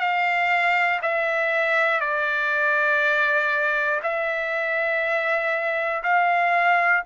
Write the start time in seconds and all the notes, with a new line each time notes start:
0.00 F5
1.02 E5
2.00 D5
4.02 E5
6.03 F5